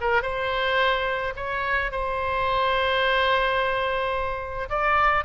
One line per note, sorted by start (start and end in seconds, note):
0.00 0.22 A#4
0.22 1.33 C5
1.36 1.91 C#5
1.91 4.69 C5
4.69 5.24 D5